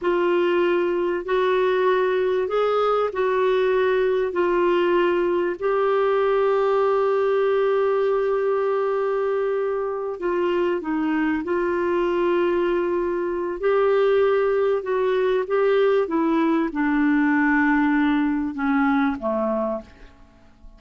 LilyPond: \new Staff \with { instrumentName = "clarinet" } { \time 4/4 \tempo 4 = 97 f'2 fis'2 | gis'4 fis'2 f'4~ | f'4 g'2.~ | g'1~ |
g'8 f'4 dis'4 f'4.~ | f'2 g'2 | fis'4 g'4 e'4 d'4~ | d'2 cis'4 a4 | }